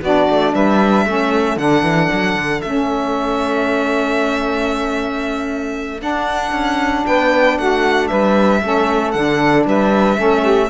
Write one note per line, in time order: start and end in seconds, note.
0.00 0.28 B3
0.00 1.07 D4
0.00 0.52 F#4
0.00 0.54 D5
0.29 0.54 A3
0.54 1.05 G3
0.54 1.05 B4
0.54 1.58 E5
1.05 1.56 A3
1.05 1.58 C#4
1.05 7.05 A4
1.56 1.82 D3
1.56 2.61 D4
1.56 2.61 F#5
1.82 2.08 E3
2.12 2.35 F#3
2.35 2.61 D3
2.61 6.02 A3
2.61 5.99 C#4
2.61 6.00 E5
5.99 8.60 D4
5.99 6.52 D4
5.99 7.06 F#5
6.52 7.04 C#4
7.06 7.58 B3
7.06 7.58 B4
7.06 7.58 G5
7.58 8.10 A3
7.58 8.09 F#4
7.58 8.07 F#5
8.07 8.62 G3
8.07 8.61 B4
8.07 9.11 E5
8.62 9.14 A3
8.62 9.14 C#4
8.62 9.66 A4
9.11 9.65 D3
9.11 10.16 D4
9.11 9.63 F#5
9.65 10.17 G3
9.65 10.17 B4
9.65 10.70 E5
10.16 10.69 A3
10.16 10.68 C#4
10.16 10.42 A4
10.42 10.68 G4